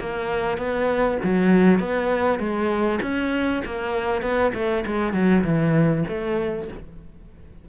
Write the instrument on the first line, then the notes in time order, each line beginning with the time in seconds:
cello
0.00 A#3
0.57 B3
1.23 F#3
1.79 B3
2.39 G#3
3.02 C#4
3.65 A#3
4.22 B3
4.54 A3
4.86 G#3
5.13 F#3
5.44 E3
6.08 A3